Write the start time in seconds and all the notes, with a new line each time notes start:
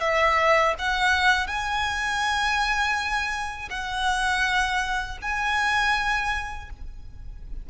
0.00 E5
0.78 F#5
1.46 G#5
3.70 F#5
5.21 G#5